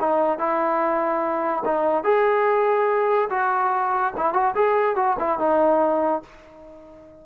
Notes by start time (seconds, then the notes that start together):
0.00 D#4
0.39 E4
1.65 D#4
2.04 G#4
3.30 F#4
4.17 E4
4.34 F#4
4.55 G#4
4.96 F#4
5.19 E4
5.39 D#4